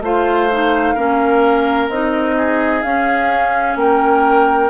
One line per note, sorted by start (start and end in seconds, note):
0.00 0.94 A3
0.00 0.50 F4
0.00 0.94 C5
0.00 1.89 F5
0.50 0.96 D#4
0.94 1.89 A#3
0.94 1.90 C#4
0.94 2.35 A#4
1.89 2.83 C4
1.89 2.83 D#4
1.89 2.82 D#5
2.37 3.78 G#4
2.82 4.70 C#4
2.82 3.76 C#4
2.82 3.76 F5
3.76 4.70 A#3
3.76 4.70 A#4
3.76 4.70 G5